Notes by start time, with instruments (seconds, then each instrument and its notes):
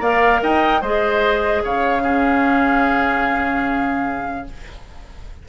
0.00 bassoon A#3, clarinet A#4, oboe D5, flute F5
0.42 bassoon D#4, oboe D#5, flute G5
0.82 bassoon G#3, clarinet G#4, oboe C5, flute D#5
1.64 bassoon C#3, oboe C#5, flute F5
2.01 clarinet C#4, oboe G#4